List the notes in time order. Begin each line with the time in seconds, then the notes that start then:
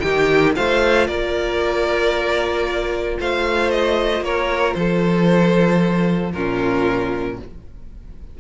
0.00 D#3 D#4 G4 G5
0.55 A3 F4 C5 F5
1.07 A#3 A#4 D5
3.20 A3 C5 F5
3.71 D#5
4.21 A#3 A#4 C#5
4.74 F3 A4 C5
6.33 A#2 C#4 F4 A#4